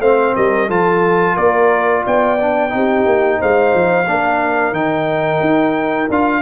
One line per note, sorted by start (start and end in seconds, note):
0.00 0.34 A3
0.00 0.70 C4
0.00 0.35 C5
0.00 0.35 F5
0.36 0.69 G3
0.36 0.68 A#4
0.36 0.70 D#5
0.68 1.37 F3
0.68 2.38 F4
0.68 1.34 A4
0.68 1.37 A5
1.34 2.05 A#3
1.34 2.02 A#4
1.34 2.04 D5
2.04 2.74 B3
2.04 2.72 D5
2.04 3.42 G5
2.41 2.70 D4
2.70 3.06 C4
2.70 4.05 D#4
2.70 3.39 G4
3.06 3.40 A#3
3.39 3.74 G#3
3.39 4.07 C5
3.39 4.74 F5
3.74 4.08 F3
4.07 4.72 A#3
4.07 4.74 D4
4.07 6.42 A#4
4.72 5.39 D#3
4.72 6.09 D#4
4.72 6.09 G5
5.41 6.08 D#4
6.10 6.42 D4
6.10 6.42 F4
6.10 6.42 F5